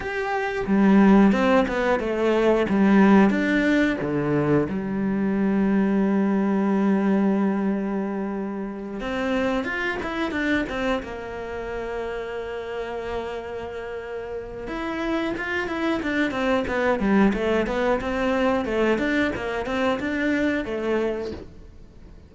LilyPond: \new Staff \with { instrumentName = "cello" } { \time 4/4 \tempo 4 = 90 g'4 g4 c'8 b8 a4 | g4 d'4 d4 g4~ | g1~ | g4. c'4 f'8 e'8 d'8 |
c'8 ais2.~ ais8~ | ais2 e'4 f'8 e'8 | d'8 c'8 b8 g8 a8 b8 c'4 | a8 d'8 ais8 c'8 d'4 a4 | }